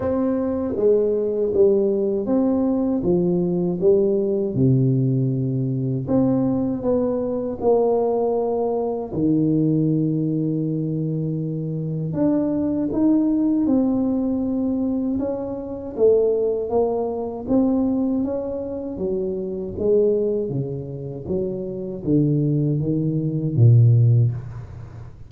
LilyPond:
\new Staff \with { instrumentName = "tuba" } { \time 4/4 \tempo 4 = 79 c'4 gis4 g4 c'4 | f4 g4 c2 | c'4 b4 ais2 | dis1 |
d'4 dis'4 c'2 | cis'4 a4 ais4 c'4 | cis'4 fis4 gis4 cis4 | fis4 d4 dis4 ais,4 | }